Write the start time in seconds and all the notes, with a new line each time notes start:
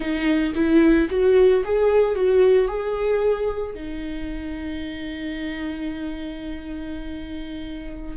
0.00 D#4
0.55 E4
1.10 F#4
1.64 G#4
2.15 F#4
2.68 G#4
3.74 D#4